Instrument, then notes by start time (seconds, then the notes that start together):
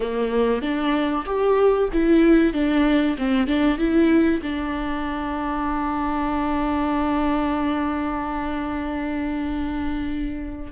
viola
0.00 A#3
0.61 D4
1.25 G4
1.92 E4
2.53 D4
3.18 C4
3.47 D4
3.78 E4
4.42 D4